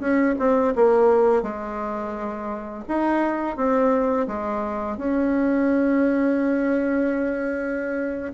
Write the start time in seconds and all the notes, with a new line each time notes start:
0.00 C#4
0.39 C4
0.76 A#3
1.43 G#3
2.88 D#4
3.56 C4
4.27 G#3
4.97 C#4